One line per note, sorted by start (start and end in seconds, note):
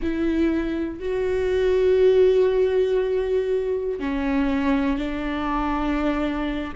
0.01 0.99 E4
0.99 3.99 F#4
4.00 4.98 C#4
4.98 6.73 D4